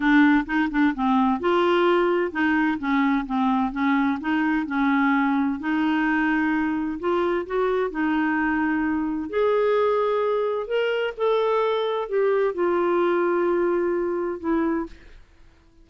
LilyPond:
\new Staff \with { instrumentName = "clarinet" } { \time 4/4 \tempo 4 = 129 d'4 dis'8 d'8 c'4 f'4~ | f'4 dis'4 cis'4 c'4 | cis'4 dis'4 cis'2 | dis'2. f'4 |
fis'4 dis'2. | gis'2. ais'4 | a'2 g'4 f'4~ | f'2. e'4 | }